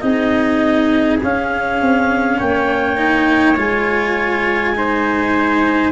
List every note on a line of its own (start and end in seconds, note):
0.00 1.21 C4
0.00 1.19 D#4
0.00 2.38 G#4
0.00 1.18 D#5
1.23 1.81 C#4
1.23 2.97 C#4
1.23 2.39 F5
1.81 2.40 C4
2.38 3.57 A#3
2.38 4.73 C#5
2.38 3.57 G5
2.97 3.56 D#4
3.57 5.92 G#3
3.57 4.75 F4
3.57 5.92 G#5
4.75 5.92 D#4
4.75 5.92 C5